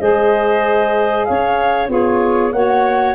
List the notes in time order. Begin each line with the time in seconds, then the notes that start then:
0.00 G#3 G#4 C5 D#5
1.25 C#4 C#5 F5
1.87 B3 F4 G#4 C#5
2.52 A#3 F#4 C#5 F#5